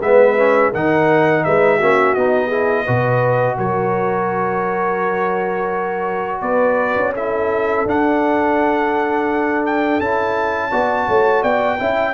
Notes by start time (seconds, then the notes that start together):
0.00 G#3 B3 B4 E5
0.37 C#4
0.71 D#3 D#4 A#4 F#5
1.44 G#3 B4 E5
1.77 A#3 C#4 F#4
2.14 B3 D#4 D#5
2.47 E4 G#4
2.85 B2 F#4 B4
3.57 F#3 A#4 C#5
6.41 B3 B4 D5
6.96 C#4
7.14 E4 A4 E5
7.85 D4 F#5
9.66 G5
10.00 C#4 E4 A5
10.70 B3 F#4 D5
11.08 A3 C#5
11.42 B3 D5 G5
11.79 C#4 E4 E5